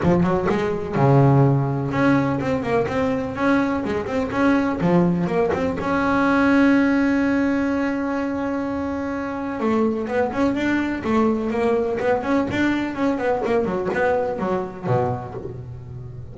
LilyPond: \new Staff \with { instrumentName = "double bass" } { \time 4/4 \tempo 4 = 125 f8 fis8 gis4 cis2 | cis'4 c'8 ais8 c'4 cis'4 | gis8 c'8 cis'4 f4 ais8 c'8 | cis'1~ |
cis'1 | a4 b8 cis'8 d'4 a4 | ais4 b8 cis'8 d'4 cis'8 b8 | ais8 fis8 b4 fis4 b,4 | }